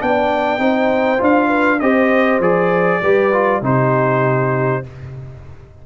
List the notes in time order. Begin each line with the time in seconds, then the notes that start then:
0.00 B3 D4 D5 G5
0.59 C4 D#4 C5
1.18 D4 F4
1.24 F5
1.48 B4
1.80 C4 G4 C5 D#5
2.40 F3 G#4 D5
3.02 G3 G4 B4
3.33 F4
3.62 C3 D#4 G4 C5